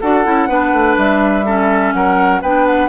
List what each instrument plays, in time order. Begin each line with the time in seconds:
0.00 bassoon D4, clarinet F#4, oboe A4, flute F#5
0.25 bassoon C#4, clarinet E4
0.48 bassoon B3, clarinet D4, oboe B4
0.73 bassoon A3
0.97 bassoon G3, flute E5
1.46 clarinet C#4, oboe A4
1.93 bassoon F#3, oboe A#4, flute F#5
2.42 bassoon B3, clarinet D4, oboe B4, flute G5
2.67 flute F#5